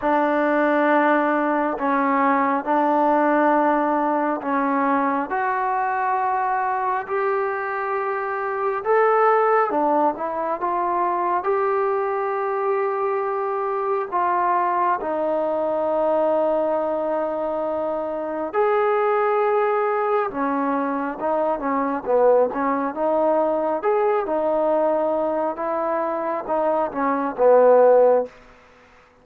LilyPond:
\new Staff \with { instrumentName = "trombone" } { \time 4/4 \tempo 4 = 68 d'2 cis'4 d'4~ | d'4 cis'4 fis'2 | g'2 a'4 d'8 e'8 | f'4 g'2. |
f'4 dis'2.~ | dis'4 gis'2 cis'4 | dis'8 cis'8 b8 cis'8 dis'4 gis'8 dis'8~ | dis'4 e'4 dis'8 cis'8 b4 | }